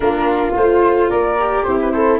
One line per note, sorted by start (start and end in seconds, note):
0.00 0.55 A#3
0.00 0.53 D4
0.00 1.10 F4
0.00 0.52 A#4
0.54 1.10 A3
0.54 1.36 F4
0.54 1.09 C5
1.09 1.66 A#3
1.09 1.65 A#4
1.09 1.63 D5
1.39 1.93 G4
1.63 2.19 C4
1.63 2.19 E4
1.63 1.77 C5
1.81 1.91 B4
1.91 2.19 A4
1.91 2.18 C5